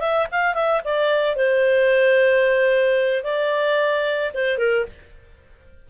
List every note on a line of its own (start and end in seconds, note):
0.00 0.27 E5
0.31 0.54 F5
0.54 0.81 E5
0.85 1.36 D5
1.36 3.24 C5
3.24 4.32 D5
4.34 4.58 C5
4.58 4.85 A#4